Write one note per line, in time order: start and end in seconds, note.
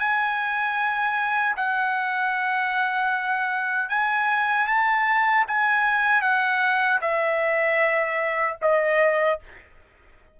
0.00 1.56 G#5
1.57 3.89 F#5
3.89 4.67 G#5
4.68 5.45 A5
5.48 6.22 G#5
6.22 7.00 F#5
7.02 8.57 E5
8.62 9.40 D#5